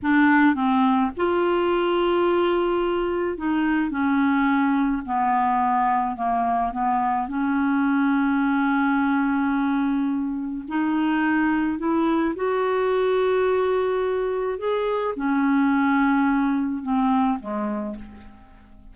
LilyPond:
\new Staff \with { instrumentName = "clarinet" } { \time 4/4 \tempo 4 = 107 d'4 c'4 f'2~ | f'2 dis'4 cis'4~ | cis'4 b2 ais4 | b4 cis'2.~ |
cis'2. dis'4~ | dis'4 e'4 fis'2~ | fis'2 gis'4 cis'4~ | cis'2 c'4 gis4 | }